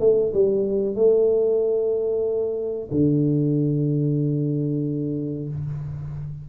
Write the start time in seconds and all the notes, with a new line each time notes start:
0.00 A3
0.33 G3
0.95 A3
2.91 D3